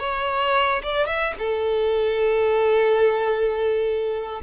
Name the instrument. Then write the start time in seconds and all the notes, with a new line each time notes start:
violin
0.00 C#5
0.83 D5
1.07 E5
1.39 A4